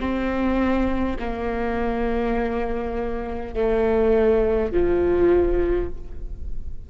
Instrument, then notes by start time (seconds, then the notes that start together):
viola
0.00 C4
1.19 A#3
3.55 A3
4.72 F3